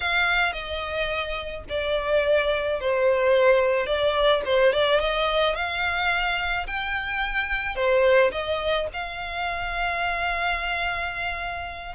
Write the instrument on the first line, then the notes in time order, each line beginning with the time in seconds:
violin
0.00 F5
0.53 D#5
1.69 D5
2.80 C5
3.86 D5
4.45 C5
4.72 D5
4.99 D#5
5.55 F5
6.66 G5
7.75 C5
8.31 D#5
8.93 F5